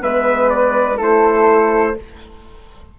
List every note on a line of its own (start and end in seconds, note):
0.00 0.99 G#3
0.00 0.97 B3
0.00 0.97 B4
0.00 0.50 E5
0.50 0.98 D5
0.97 1.96 A3
0.97 1.95 E4
0.97 1.94 A4
0.97 1.99 C5